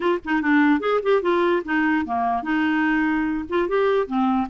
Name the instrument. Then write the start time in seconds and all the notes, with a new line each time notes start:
clarinet
0.00 F4
0.24 D#4
0.41 D4
0.80 G#4
1.02 G4
1.22 F4
1.65 D#4
2.05 A#3
2.42 D#4
3.49 F4
3.68 G4
4.06 C4